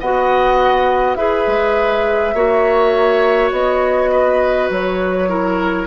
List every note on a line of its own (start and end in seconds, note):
0.00 1.15 B3
0.00 1.17 F#4
0.00 1.18 D#5
0.00 1.15 F#5
1.15 1.45 E4
1.15 2.35 G#4
1.15 2.34 B4
1.15 3.50 E5
1.47 2.34 G#3
2.34 3.51 A#3
2.34 5.28 F#4
2.34 4.11 C#5
3.51 4.69 B3
3.51 4.69 D#5
4.11 5.29 B4
4.70 5.87 F#3
4.70 5.87 C#5
5.28 5.87 E4
5.28 5.87 A#4